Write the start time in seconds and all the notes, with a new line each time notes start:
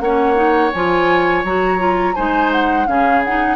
0.00 A#3 C#4 C#5 F#5
0.35 D#4
0.72 F3 F4 G#5
1.44 F#3 F#4 A#5
1.79 F4
2.15 G#3 D#4 C5 G#5
2.52 F#5
2.87 C#3 C#4 G#4 F5
3.25 D#4 F#5